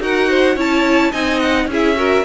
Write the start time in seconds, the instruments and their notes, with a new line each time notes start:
0.00 cello D#4, viola F#4, violin A#4 F#5
0.30 violin C5
0.55 cello C#4, viola E4, violin C#5 A5
1.11 cello C4, viola D#4, violin D#5 G#5
1.39 violin F#5
1.66 cello C#4, viola E4, violin G#4
1.74 violin E5
1.96 viola F#4, violin A#4